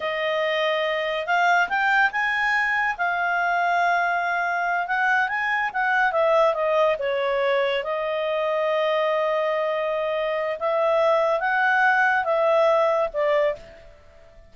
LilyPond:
\new Staff \with { instrumentName = "clarinet" } { \time 4/4 \tempo 4 = 142 dis''2. f''4 | g''4 gis''2 f''4~ | f''2.~ f''8 fis''8~ | fis''8 gis''4 fis''4 e''4 dis''8~ |
dis''8 cis''2 dis''4.~ | dis''1~ | dis''4 e''2 fis''4~ | fis''4 e''2 d''4 | }